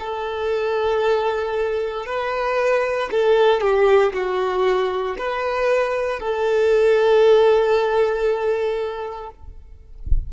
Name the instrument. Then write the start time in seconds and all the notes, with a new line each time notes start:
violin
0.00 A4
2.06 B4
3.12 A4
3.61 G4
4.13 F#4
5.18 B4
6.20 A4